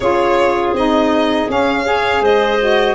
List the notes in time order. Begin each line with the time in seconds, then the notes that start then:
0.00 C#4 F4 G#4 C#5
0.72 C4 D#4 D#5
1.48 C#4 F5
1.84 G#4 C#5
2.20 G#3 C5 D#5
2.60 F#4